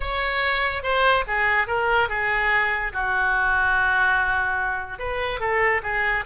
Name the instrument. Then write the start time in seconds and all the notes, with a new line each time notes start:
oboe
0.00 C#5
0.82 C5
1.27 G#4
1.67 A#4
2.09 G#4
2.92 F#4
4.98 B4
5.40 A4
5.82 G#4